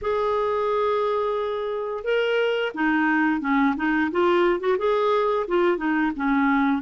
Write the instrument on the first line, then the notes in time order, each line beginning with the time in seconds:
clarinet
0.01 G#4
2.03 A#4
2.74 D#4
3.41 C#4
3.76 D#4
4.11 F4
4.60 F#4
4.78 G#4
5.47 F4
5.77 D#4
6.15 C#4